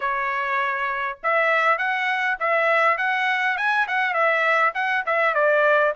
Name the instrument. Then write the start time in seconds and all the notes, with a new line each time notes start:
trumpet
0.00 C#5
1.23 E5
1.78 F#5
2.39 E5
2.97 F#5
3.57 G#5
3.87 F#5
4.13 E5
4.74 F#5
5.05 E5
5.34 D5